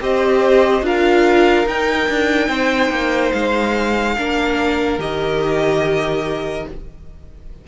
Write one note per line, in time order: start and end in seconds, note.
0.00 0.82 C4
0.00 0.82 G4
0.00 0.85 C5
0.00 0.85 D#5
0.82 1.65 D4
0.82 1.65 F4
0.82 2.48 A#4
0.82 1.68 F5
1.66 4.16 D#4
1.66 2.08 D#4
1.66 3.32 G5
2.08 2.48 D4
2.48 2.89 C4
2.48 4.15 C5
2.89 3.31 A#3
3.32 4.17 G#3
3.32 4.98 F5
4.18 4.98 A#3
4.18 4.99 D4
4.18 6.68 A#4
4.98 6.65 D#3
4.98 6.66 G4
4.98 6.67 D#5